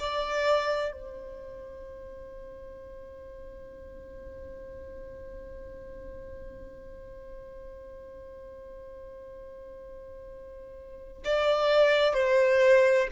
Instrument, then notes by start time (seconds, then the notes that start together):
violin
0.00 D5
0.92 C5
11.25 D5
12.14 C5